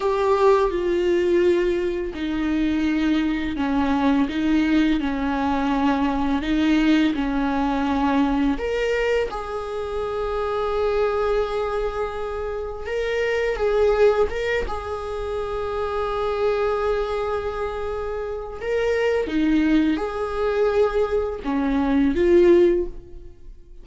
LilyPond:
\new Staff \with { instrumentName = "viola" } { \time 4/4 \tempo 4 = 84 g'4 f'2 dis'4~ | dis'4 cis'4 dis'4 cis'4~ | cis'4 dis'4 cis'2 | ais'4 gis'2.~ |
gis'2 ais'4 gis'4 | ais'8 gis'2.~ gis'8~ | gis'2 ais'4 dis'4 | gis'2 cis'4 f'4 | }